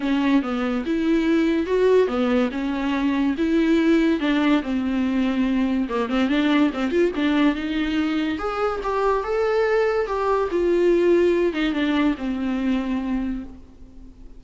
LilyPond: \new Staff \with { instrumentName = "viola" } { \time 4/4 \tempo 4 = 143 cis'4 b4 e'2 | fis'4 b4 cis'2 | e'2 d'4 c'4~ | c'2 ais8 c'8 d'4 |
c'8 f'8 d'4 dis'2 | gis'4 g'4 a'2 | g'4 f'2~ f'8 dis'8 | d'4 c'2. | }